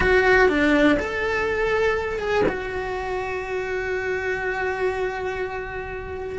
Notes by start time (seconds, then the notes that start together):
0.00 F#4
0.49 D4
0.99 A4
2.19 G#4
2.48 F#4